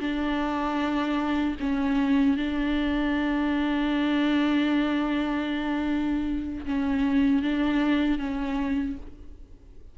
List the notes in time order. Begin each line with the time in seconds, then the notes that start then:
0.00 D4
1.60 C#4
2.37 D4
6.66 C#4
7.43 D4
8.19 C#4